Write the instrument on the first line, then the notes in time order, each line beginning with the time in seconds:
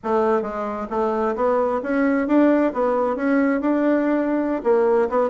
bassoon
0.03 A3
0.42 G#3
0.90 A3
1.35 B3
1.83 C#4
2.27 D4
2.73 B3
3.16 C#4
3.60 D4
4.63 A#3
5.09 B3